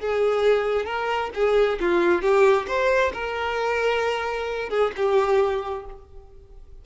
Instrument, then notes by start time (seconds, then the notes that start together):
violin
0.00 G#4
0.85 A#4
1.34 G#4
1.81 F4
2.22 G4
2.68 C5
3.14 A#4
4.70 G#4
4.96 G4